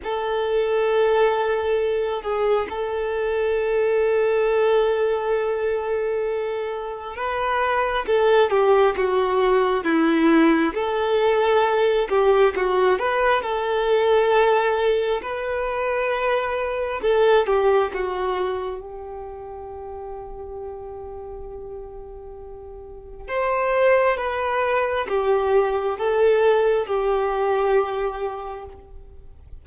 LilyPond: \new Staff \with { instrumentName = "violin" } { \time 4/4 \tempo 4 = 67 a'2~ a'8 gis'8 a'4~ | a'1 | b'4 a'8 g'8 fis'4 e'4 | a'4. g'8 fis'8 b'8 a'4~ |
a'4 b'2 a'8 g'8 | fis'4 g'2.~ | g'2 c''4 b'4 | g'4 a'4 g'2 | }